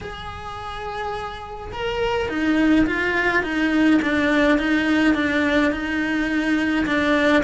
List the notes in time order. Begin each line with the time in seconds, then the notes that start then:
0.00 G#4
1.72 A#4
2.29 D#4
2.86 F4
3.43 D#4
4.02 D4
4.58 D#4
5.14 D4
5.71 D#4
6.85 D4